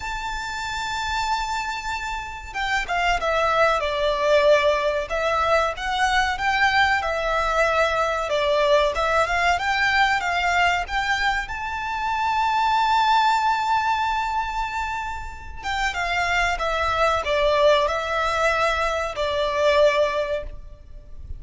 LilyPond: \new Staff \with { instrumentName = "violin" } { \time 4/4 \tempo 4 = 94 a''1 | g''8 f''8 e''4 d''2 | e''4 fis''4 g''4 e''4~ | e''4 d''4 e''8 f''8 g''4 |
f''4 g''4 a''2~ | a''1~ | a''8 g''8 f''4 e''4 d''4 | e''2 d''2 | }